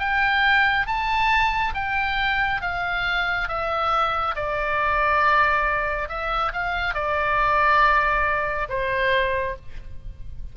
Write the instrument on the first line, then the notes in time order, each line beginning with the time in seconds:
oboe
0.00 G5
0.87 A5
1.75 G5
2.62 F5
3.49 E5
4.36 D5
6.09 E5
6.53 F5
6.95 D5
8.70 C5